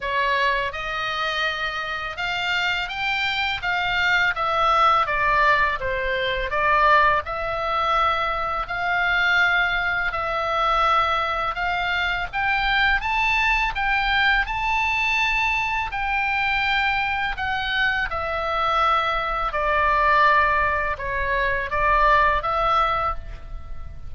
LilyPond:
\new Staff \with { instrumentName = "oboe" } { \time 4/4 \tempo 4 = 83 cis''4 dis''2 f''4 | g''4 f''4 e''4 d''4 | c''4 d''4 e''2 | f''2 e''2 |
f''4 g''4 a''4 g''4 | a''2 g''2 | fis''4 e''2 d''4~ | d''4 cis''4 d''4 e''4 | }